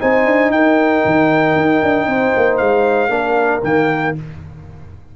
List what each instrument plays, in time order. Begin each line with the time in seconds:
0.00 tuba C4, trombone D#4, horn C5, trumpet G#5
0.26 tuba D4
0.50 tuba D#4, horn A#4, trumpet G5
1.05 tuba D#3
1.56 tuba D#4
1.83 tuba D4
2.07 tuba C4, horn C5
2.37 tuba A#3
2.58 tuba G#3, trumpet F5
3.09 tuba A#3, trombone D4, horn A#4
3.64 tuba D#3, trombone A#3, trumpet G5